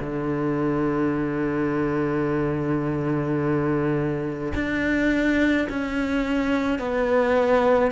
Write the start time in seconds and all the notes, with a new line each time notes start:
0.00 D3
4.54 D4
5.70 C#4
6.79 B3